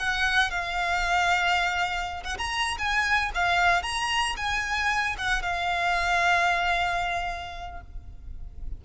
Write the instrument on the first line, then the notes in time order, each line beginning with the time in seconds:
violin
0.00 F#5
0.51 F5
2.24 F#5
2.38 A#5
2.79 G#5
3.35 F5
3.83 A#5
4.37 G#5
5.18 F#5
5.43 F5